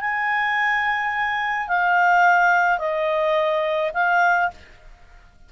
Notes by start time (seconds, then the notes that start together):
0.00 G#5
1.68 F5
2.78 D#5
3.93 F5